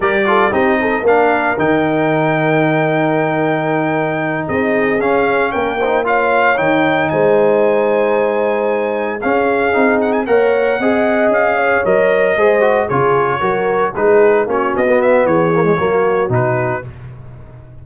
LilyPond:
<<
  \new Staff \with { instrumentName = "trumpet" } { \time 4/4 \tempo 4 = 114 d''4 dis''4 f''4 g''4~ | g''1~ | g''8 dis''4 f''4 g''4 f''8~ | f''8 g''4 gis''2~ gis''8~ |
gis''4. f''4. fis''16 gis''16 fis''8~ | fis''4. f''4 dis''4.~ | dis''8 cis''2 b'4 cis''8 | dis''8 e''8 cis''2 b'4 | }
  \new Staff \with { instrumentName = "horn" } { \time 4/4 ais'8 a'8 g'8 a'8 ais'2~ | ais'1~ | ais'8 gis'2 ais'8 c''8 cis''8~ | cis''4. c''2~ c''8~ |
c''4. gis'2 cis''8~ | cis''8 dis''4. cis''4. c''8~ | c''8 gis'4 ais'4 gis'4 fis'8~ | fis'4 gis'4 fis'2 | }
  \new Staff \with { instrumentName = "trombone" } { \time 4/4 g'8 f'8 dis'4 d'4 dis'4~ | dis'1~ | dis'4. cis'4. dis'8 f'8~ | f'8 dis'2.~ dis'8~ |
dis'4. cis'4 dis'4 ais'8~ | ais'8 gis'2 ais'4 gis'8 | fis'8 f'4 fis'4 dis'4 cis'8~ | cis'16 b4~ b16 ais16 gis16 ais4 dis'4 | }
  \new Staff \with { instrumentName = "tuba" } { \time 4/4 g4 c'4 ais4 dis4~ | dis1~ | dis8 c'4 cis'4 ais4.~ | ais8 dis4 gis2~ gis8~ |
gis4. cis'4 c'4 ais8~ | ais8 c'4 cis'4 fis4 gis8~ | gis8 cis4 fis4 gis4 ais8 | b4 e4 fis4 b,4 | }
>>